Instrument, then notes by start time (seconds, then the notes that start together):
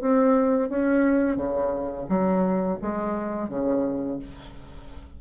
bassoon
0.00 C4
0.69 C#4
1.36 C#3
2.08 F#3
2.81 G#3
3.49 C#3